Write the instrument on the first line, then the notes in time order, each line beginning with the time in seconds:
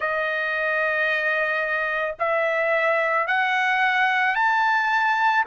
trumpet
0.00 D#5
2.19 E5
3.27 F#5
4.35 A5